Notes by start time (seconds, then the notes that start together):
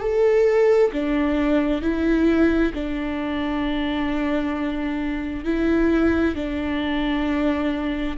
0.00 A4
0.92 D4
1.81 E4
2.74 D4
5.44 E4
6.35 D4